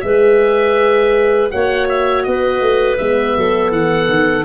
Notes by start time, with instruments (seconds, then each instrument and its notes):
0.00 tuba G#3, horn G#4, clarinet B4, oboe E5
1.50 tuba A#3, horn F#4, clarinet C#5, oboe F#5
1.89 oboe E5
2.23 tuba B3, clarinet B4, oboe D#5
2.61 tuba A3
2.97 tuba G#3, horn B3, oboe E5
3.37 tuba F#3, clarinet A4
3.71 tuba E3, oboe F#5
4.08 tuba D#3